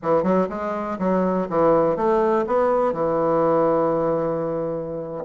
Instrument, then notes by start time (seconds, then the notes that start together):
bassoon
0.02 E3
0.23 F#3
0.49 G#3
0.98 F#3
1.49 E3
1.96 A3
2.46 B3
2.92 E3